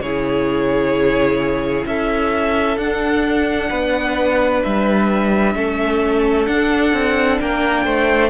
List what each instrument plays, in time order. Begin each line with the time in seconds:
0.00 cello C#3, viola E4, violin G#4 C#5
1.86 cello C#4, violin A4 E5
2.77 cello D4, viola D4, violin F#5
3.70 cello B3, violin B4
4.63 cello G3, violin E5
5.55 cello A3, viola C#4, violin A4
6.47 viola D4, cello D4, violin F#5
6.93 cello C4
7.40 cello A#3, violin A#4 G5
7.84 cello A3, violin C5